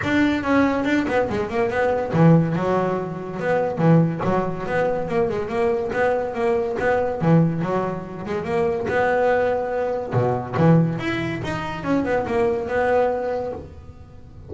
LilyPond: \new Staff \with { instrumentName = "double bass" } { \time 4/4 \tempo 4 = 142 d'4 cis'4 d'8 b8 gis8 ais8 | b4 e4 fis2 | b4 e4 fis4 b4 | ais8 gis8 ais4 b4 ais4 |
b4 e4 fis4. gis8 | ais4 b2. | b,4 e4 e'4 dis'4 | cis'8 b8 ais4 b2 | }